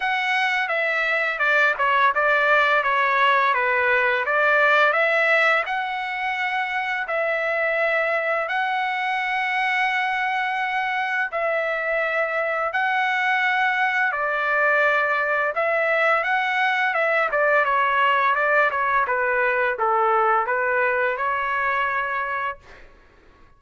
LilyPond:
\new Staff \with { instrumentName = "trumpet" } { \time 4/4 \tempo 4 = 85 fis''4 e''4 d''8 cis''8 d''4 | cis''4 b'4 d''4 e''4 | fis''2 e''2 | fis''1 |
e''2 fis''2 | d''2 e''4 fis''4 | e''8 d''8 cis''4 d''8 cis''8 b'4 | a'4 b'4 cis''2 | }